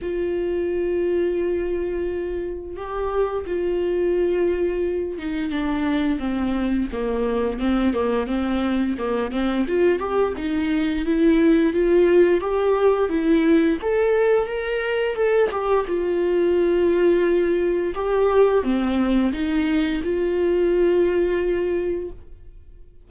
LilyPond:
\new Staff \with { instrumentName = "viola" } { \time 4/4 \tempo 4 = 87 f'1 | g'4 f'2~ f'8 dis'8 | d'4 c'4 ais4 c'8 ais8 | c'4 ais8 c'8 f'8 g'8 dis'4 |
e'4 f'4 g'4 e'4 | a'4 ais'4 a'8 g'8 f'4~ | f'2 g'4 c'4 | dis'4 f'2. | }